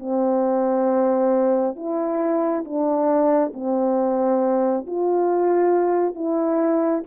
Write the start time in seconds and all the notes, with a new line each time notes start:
0.00 C4
1.76 E4
2.65 D4
3.54 C4
4.87 F4
6.16 E4